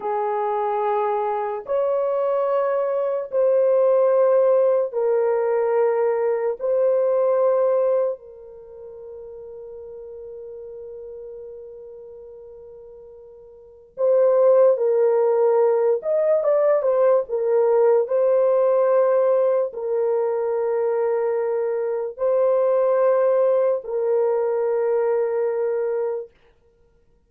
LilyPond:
\new Staff \with { instrumentName = "horn" } { \time 4/4 \tempo 4 = 73 gis'2 cis''2 | c''2 ais'2 | c''2 ais'2~ | ais'1~ |
ais'4 c''4 ais'4. dis''8 | d''8 c''8 ais'4 c''2 | ais'2. c''4~ | c''4 ais'2. | }